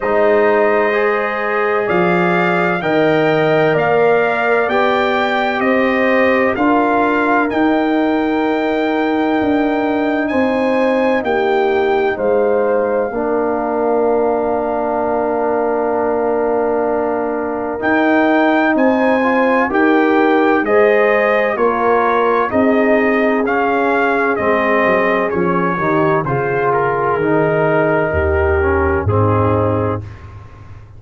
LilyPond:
<<
  \new Staff \with { instrumentName = "trumpet" } { \time 4/4 \tempo 4 = 64 dis''2 f''4 g''4 | f''4 g''4 dis''4 f''4 | g''2. gis''4 | g''4 f''2.~ |
f''2. g''4 | gis''4 g''4 dis''4 cis''4 | dis''4 f''4 dis''4 cis''4 | c''8 ais'2~ ais'8 gis'4 | }
  \new Staff \with { instrumentName = "horn" } { \time 4/4 c''2 d''4 dis''4 | d''2 c''4 ais'4~ | ais'2. c''4 | g'4 c''4 ais'2~ |
ais'1 | c''4 ais'4 c''4 ais'4 | gis'2.~ gis'8 g'8 | gis'2 g'4 dis'4 | }
  \new Staff \with { instrumentName = "trombone" } { \time 4/4 dis'4 gis'2 ais'4~ | ais'4 g'2 f'4 | dis'1~ | dis'2 d'2~ |
d'2. dis'4~ | dis'8 f'8 g'4 gis'4 f'4 | dis'4 cis'4 c'4 cis'8 dis'8 | f'4 dis'4. cis'8 c'4 | }
  \new Staff \with { instrumentName = "tuba" } { \time 4/4 gis2 f4 dis4 | ais4 b4 c'4 d'4 | dis'2 d'4 c'4 | ais4 gis4 ais2~ |
ais2. dis'4 | c'4 dis'4 gis4 ais4 | c'4 cis'4 gis8 fis8 f8 dis8 | cis4 dis4 dis,4 gis,4 | }
>>